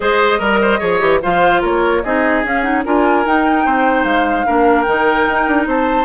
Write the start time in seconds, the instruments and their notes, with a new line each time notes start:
0.00 bassoon G#3, clarinet G#4, oboe C5, flute D#5
0.38 bassoon G3, oboe A#4, clarinet A#4
0.61 oboe C5
0.79 bassoon F3, clarinet G#4, oboe C#5
1.00 bassoon E3, clarinet G4
1.22 bassoon F3, clarinet F4, oboe C5, flute F5
1.61 bassoon A#3, oboe A#4, flute C#5
2.03 bassoon C4, clarinet D#4, oboe G#4, flute D#5
2.43 bassoon C#4, clarinet C#4, flute F5
2.62 clarinet D#4, flute F#5
2.85 bassoon D4, clarinet F4, oboe A#4, flute G#5
3.25 bassoon D#4, clarinet D#4, flute G5
3.65 bassoon C4, oboe C5
4.04 bassoon G#3, flute F5
4.46 bassoon A#3, clarinet D4, oboe A#4
4.82 bassoon D#3, clarinet D#4, flute G5
5.28 bassoon D#4
5.47 bassoon D4
5.66 bassoon C4, oboe C5, flute A5